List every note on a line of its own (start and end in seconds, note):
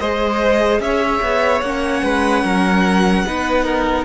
0.00 0.80 G#3
0.00 1.65 G#4
0.00 0.82 C5
0.00 0.81 D#5
0.80 1.21 C#4
0.80 2.04 C#5
0.80 1.61 E5
1.23 1.62 B3
1.61 2.03 A#3
1.61 3.27 C#4
1.61 4.05 F#5
2.03 2.44 G#3
2.03 2.44 B4
2.44 3.25 F#3
2.44 3.26 A#4
3.25 4.05 B3
3.25 4.05 D#4
3.25 3.65 B4
3.65 4.05 A#4